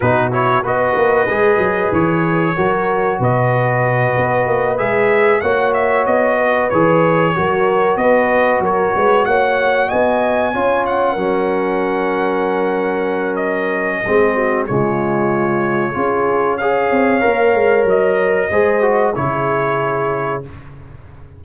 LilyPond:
<<
  \new Staff \with { instrumentName = "trumpet" } { \time 4/4 \tempo 4 = 94 b'8 cis''8 dis''2 cis''4~ | cis''4 dis''2~ dis''8 e''8~ | e''8 fis''8 e''8 dis''4 cis''4.~ | cis''8 dis''4 cis''4 fis''4 gis''8~ |
gis''4 fis''2.~ | fis''4 dis''2 cis''4~ | cis''2 f''2 | dis''2 cis''2 | }
  \new Staff \with { instrumentName = "horn" } { \time 4/4 fis'4 b'2. | ais'4 b'2.~ | b'8 cis''4. b'4. ais'8~ | ais'8 b'4 ais'8 b'8 cis''4 dis''8~ |
dis''8 cis''4 ais'2~ ais'8~ | ais'2 gis'8 fis'8 f'4~ | f'4 gis'4 cis''2~ | cis''4 c''4 gis'2 | }
  \new Staff \with { instrumentName = "trombone" } { \time 4/4 dis'8 e'8 fis'4 gis'2 | fis'2.~ fis'8 gis'8~ | gis'8 fis'2 gis'4 fis'8~ | fis'1~ |
fis'8 f'4 cis'2~ cis'8~ | cis'2 c'4 gis4~ | gis4 f'4 gis'4 ais'4~ | ais'4 gis'8 fis'8 e'2 | }
  \new Staff \with { instrumentName = "tuba" } { \time 4/4 b,4 b8 ais8 gis8 fis8 e4 | fis4 b,4. b8 ais8 gis8~ | gis8 ais4 b4 e4 fis8~ | fis8 b4 fis8 gis8 ais4 b8~ |
b8 cis'4 fis2~ fis8~ | fis2 gis4 cis4~ | cis4 cis'4. c'8 ais8 gis8 | fis4 gis4 cis2 | }
>>